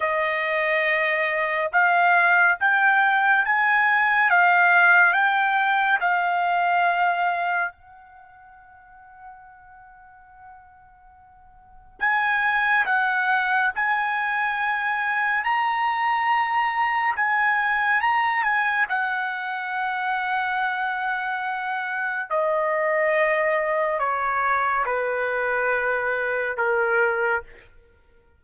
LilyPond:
\new Staff \with { instrumentName = "trumpet" } { \time 4/4 \tempo 4 = 70 dis''2 f''4 g''4 | gis''4 f''4 g''4 f''4~ | f''4 fis''2.~ | fis''2 gis''4 fis''4 |
gis''2 ais''2 | gis''4 ais''8 gis''8 fis''2~ | fis''2 dis''2 | cis''4 b'2 ais'4 | }